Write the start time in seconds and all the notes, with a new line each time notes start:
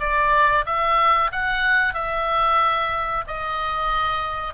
0.00 D5
0.66 E5
1.32 F#5
1.94 E5
3.28 D#5